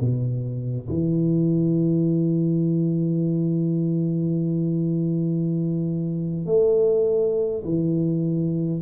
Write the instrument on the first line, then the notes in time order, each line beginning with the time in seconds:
tuba
0.00 B2
0.89 E3
6.46 A3
7.64 E3